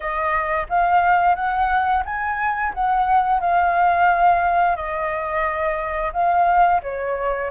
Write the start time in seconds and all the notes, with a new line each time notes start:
0.00 D#5
0.69 F5
1.35 F#5
2.05 G#5
2.73 F#5
3.40 F5
4.75 D#5
6.12 F5
6.82 C#5